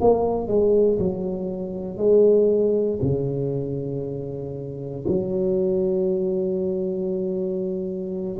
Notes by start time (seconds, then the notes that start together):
0.00 A#3
0.47 G#3
0.98 F#3
1.97 G#3
3.02 C#3
5.07 F#3